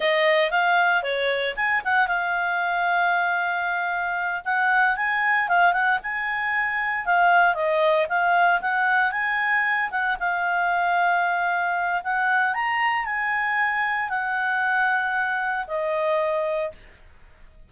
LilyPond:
\new Staff \with { instrumentName = "clarinet" } { \time 4/4 \tempo 4 = 115 dis''4 f''4 cis''4 gis''8 fis''8 | f''1~ | f''8 fis''4 gis''4 f''8 fis''8 gis''8~ | gis''4. f''4 dis''4 f''8~ |
f''8 fis''4 gis''4. fis''8 f''8~ | f''2. fis''4 | ais''4 gis''2 fis''4~ | fis''2 dis''2 | }